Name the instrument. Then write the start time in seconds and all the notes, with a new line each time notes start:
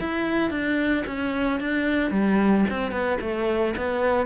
cello
0.00 E4
0.50 D4
1.06 C#4
1.60 D4
2.11 G3
2.70 C4
2.91 B3
3.21 A3
3.77 B3